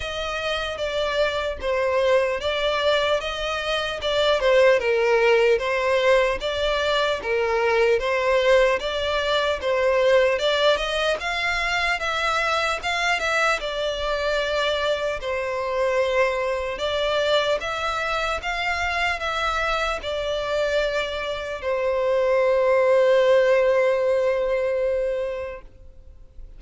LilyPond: \new Staff \with { instrumentName = "violin" } { \time 4/4 \tempo 4 = 75 dis''4 d''4 c''4 d''4 | dis''4 d''8 c''8 ais'4 c''4 | d''4 ais'4 c''4 d''4 | c''4 d''8 dis''8 f''4 e''4 |
f''8 e''8 d''2 c''4~ | c''4 d''4 e''4 f''4 | e''4 d''2 c''4~ | c''1 | }